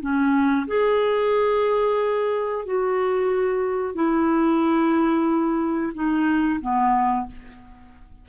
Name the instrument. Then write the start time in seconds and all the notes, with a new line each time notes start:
clarinet
0.00 C#4
0.67 G#4
2.65 F#4
3.94 E4
5.93 D#4
6.61 B3